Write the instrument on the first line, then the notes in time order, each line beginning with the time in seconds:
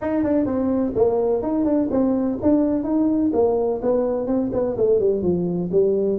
tuba
0.01 D#4
0.23 D4
0.45 C4
0.95 A#3
1.42 D#4
1.64 D4
1.90 C4
2.42 D4
2.83 D#4
3.33 A#3
3.82 B3
4.26 C4
4.52 B3
4.77 A3
4.99 G3
5.22 F3
5.71 G3